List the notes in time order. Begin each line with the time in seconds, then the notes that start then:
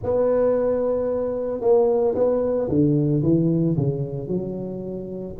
0.03 B3
1.60 A#3
2.14 B3
2.68 D3
3.22 E3
3.76 C#3
4.27 F#3